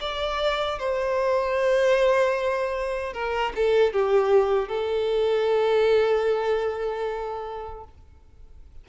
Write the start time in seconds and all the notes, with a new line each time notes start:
0.00 D5
0.78 C5
3.13 A#4
3.55 A4
3.93 G4
4.68 A4